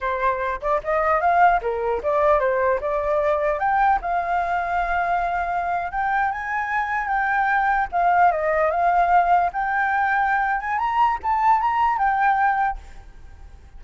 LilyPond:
\new Staff \with { instrumentName = "flute" } { \time 4/4 \tempo 4 = 150 c''4. d''8 dis''4 f''4 | ais'4 d''4 c''4 d''4~ | d''4 g''4 f''2~ | f''2~ f''8. g''4 gis''16~ |
gis''4.~ gis''16 g''2 f''16~ | f''8. dis''4 f''2 g''16~ | g''2~ g''8 gis''8 ais''4 | a''4 ais''4 g''2 | }